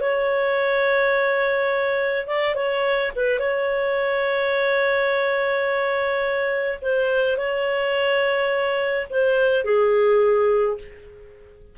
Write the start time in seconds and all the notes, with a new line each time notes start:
0.00 C#5
2.27 D5
2.55 C#5
3.15 B4
3.39 C#5
6.81 C5
7.37 C#5
9.10 C5
9.64 G#4